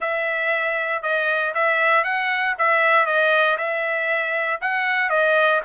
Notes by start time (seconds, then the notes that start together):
0.00 E5
1.02 D#5
1.54 E5
2.04 F#5
2.58 E5
3.05 D#5
3.57 E5
4.61 F#5
5.09 D#5